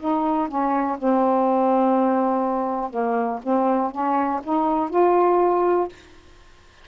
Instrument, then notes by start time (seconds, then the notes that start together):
saxophone
0.00 D#4
0.48 C#4
0.99 C4
2.91 A#3
3.43 C4
3.92 C#4
4.44 D#4
4.90 F4